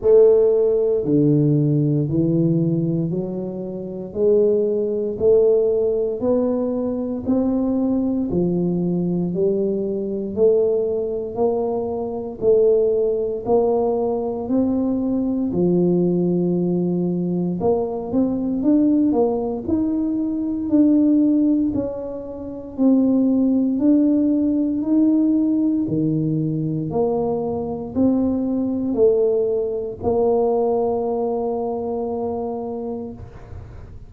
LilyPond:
\new Staff \with { instrumentName = "tuba" } { \time 4/4 \tempo 4 = 58 a4 d4 e4 fis4 | gis4 a4 b4 c'4 | f4 g4 a4 ais4 | a4 ais4 c'4 f4~ |
f4 ais8 c'8 d'8 ais8 dis'4 | d'4 cis'4 c'4 d'4 | dis'4 dis4 ais4 c'4 | a4 ais2. | }